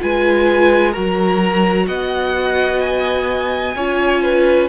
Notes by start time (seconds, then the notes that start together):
0.00 G#3 F4 B4 G#5
0.92 F#3 F#4 A#4 A#5
1.88 B3 D#5 F#5
2.81 G#5
3.76 C#4 F4 C#5
4.23 B4